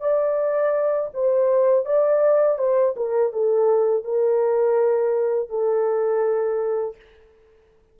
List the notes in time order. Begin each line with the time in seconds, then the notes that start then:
0.00 D5
1.14 C5
1.85 D5
2.58 C5
2.96 A#4
3.33 A4
4.04 A#4
5.49 A4